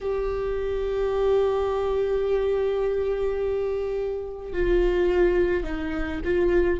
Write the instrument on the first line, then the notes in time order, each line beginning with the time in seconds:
viola
0.01 G4
4.53 F4
5.63 D#4
6.24 F4